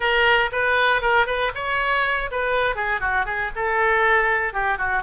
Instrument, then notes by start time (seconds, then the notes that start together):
oboe
0.00 A#4
0.52 B4
1.01 A#4
1.26 B4
1.54 C#5
2.31 B4
2.75 G#4
3.00 F#4
3.25 G#4
3.55 A4
4.53 G4
4.78 F#4